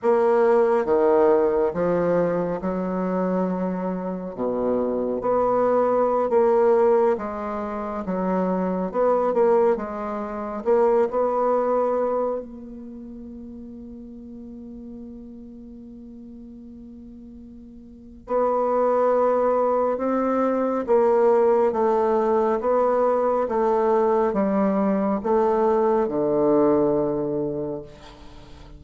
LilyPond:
\new Staff \with { instrumentName = "bassoon" } { \time 4/4 \tempo 4 = 69 ais4 dis4 f4 fis4~ | fis4 b,4 b4~ b16 ais8.~ | ais16 gis4 fis4 b8 ais8 gis8.~ | gis16 ais8 b4. ais4.~ ais16~ |
ais1~ | ais4 b2 c'4 | ais4 a4 b4 a4 | g4 a4 d2 | }